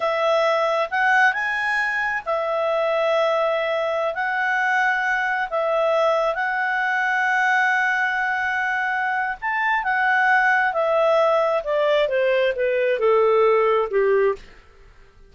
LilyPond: \new Staff \with { instrumentName = "clarinet" } { \time 4/4 \tempo 4 = 134 e''2 fis''4 gis''4~ | gis''4 e''2.~ | e''4~ e''16 fis''2~ fis''8.~ | fis''16 e''2 fis''4.~ fis''16~ |
fis''1~ | fis''4 a''4 fis''2 | e''2 d''4 c''4 | b'4 a'2 g'4 | }